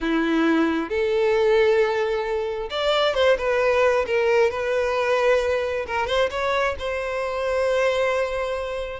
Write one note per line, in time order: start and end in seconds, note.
0.00 0.89 E4
0.89 2.69 A4
2.69 3.14 D5
3.14 3.37 C5
3.38 4.05 B4
4.06 4.50 A#4
4.50 5.85 B4
5.86 6.07 A#4
6.07 6.29 C5
6.30 6.75 C#5
6.79 8.99 C5